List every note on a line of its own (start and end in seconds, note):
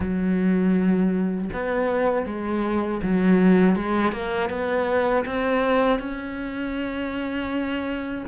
0.00 1.50 F#3
1.53 2.26 B3
2.26 3.01 G#3
3.02 3.75 F#3
3.75 4.12 G#3
4.12 4.49 A#3
4.49 5.24 B3
5.25 5.99 C4
5.99 8.24 C#4